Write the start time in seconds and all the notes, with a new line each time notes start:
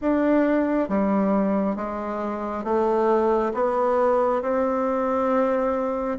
0.01 D4
0.88 G3
1.76 G#3
2.64 A3
3.53 B3
4.42 C4